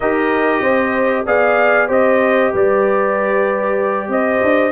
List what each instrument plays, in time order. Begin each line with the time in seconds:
0.00 tuba D#4, trombone G4, horn A#4, trumpet D#5
0.60 tuba C4, horn C5
1.26 tuba B3, trombone G#4, horn D5, trumpet F5
1.87 tuba C4, trombone G4, horn C5, trumpet D#5
2.51 tuba G3, horn B4, trumpet D5
4.08 tuba C4, horn C5, trumpet D#5
4.43 tuba D4